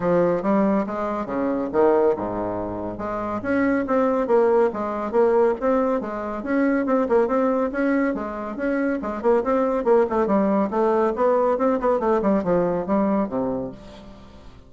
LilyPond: \new Staff \with { instrumentName = "bassoon" } { \time 4/4 \tempo 4 = 140 f4 g4 gis4 cis4 | dis4 gis,2 gis4 | cis'4 c'4 ais4 gis4 | ais4 c'4 gis4 cis'4 |
c'8 ais8 c'4 cis'4 gis4 | cis'4 gis8 ais8 c'4 ais8 a8 | g4 a4 b4 c'8 b8 | a8 g8 f4 g4 c4 | }